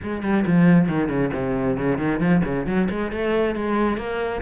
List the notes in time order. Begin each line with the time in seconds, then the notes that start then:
0.02 G#3
0.22 G3
0.46 F3
0.88 D#3
1.08 C#3
1.33 C3
1.77 C#3
1.98 D#3
2.19 F3
2.44 C#3
2.66 F#3
2.90 G#3
3.11 A3
3.55 G#3
3.97 A#3